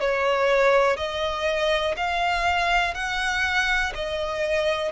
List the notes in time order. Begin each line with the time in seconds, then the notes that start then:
0.00 C#5
0.96 D#5
1.96 F5
2.94 F#5
3.94 D#5